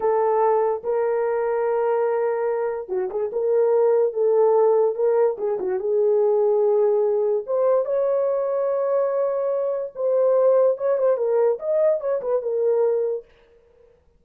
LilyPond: \new Staff \with { instrumentName = "horn" } { \time 4/4 \tempo 4 = 145 a'2 ais'2~ | ais'2. fis'8 gis'8 | ais'2 a'2 | ais'4 gis'8 fis'8 gis'2~ |
gis'2 c''4 cis''4~ | cis''1 | c''2 cis''8 c''8 ais'4 | dis''4 cis''8 b'8 ais'2 | }